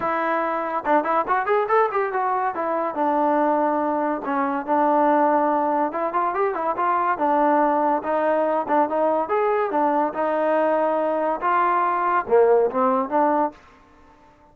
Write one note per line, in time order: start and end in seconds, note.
0.00 0.84 E4
0.85 1.04 D4
1.04 1.25 E4
1.27 1.46 F#4
1.46 1.67 G#4
1.68 1.89 A4
1.91 2.12 G4
2.12 2.54 F#4
2.54 2.94 E4
2.94 4.21 D4
4.25 4.66 C#4
4.66 5.92 D4
5.92 6.13 E4
6.13 6.34 F4
6.34 6.54 G4
6.54 6.75 E4
6.76 7.17 F4
7.17 8.02 D4
8.03 8.66 D#4
8.68 8.89 D4
8.89 9.28 D#4
9.28 9.71 G#4
9.71 10.13 D4
10.13 11.40 D#4
11.40 12.25 F4
12.27 12.70 A#3
12.70 13.09 C4
13.09 13.51 D4